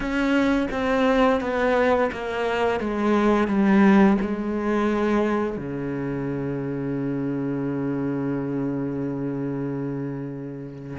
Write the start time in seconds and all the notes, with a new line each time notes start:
0.00 C#4
0.71 C4
1.40 B3
2.12 A#3
2.80 G#3
3.47 G3
4.21 G#3
5.57 C#3